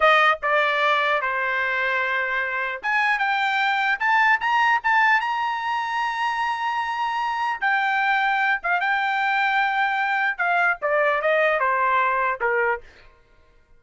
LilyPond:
\new Staff \with { instrumentName = "trumpet" } { \time 4/4 \tempo 4 = 150 dis''4 d''2 c''4~ | c''2. gis''4 | g''2 a''4 ais''4 | a''4 ais''2.~ |
ais''2. g''4~ | g''4. f''8 g''2~ | g''2 f''4 d''4 | dis''4 c''2 ais'4 | }